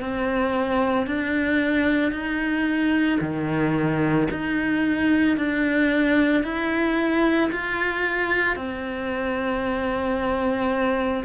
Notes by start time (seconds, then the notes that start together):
0.00 C4
1.07 D4
2.12 D#4
3.20 D#3
4.31 D#4
5.37 D4
6.43 E4
7.51 F4
8.56 C4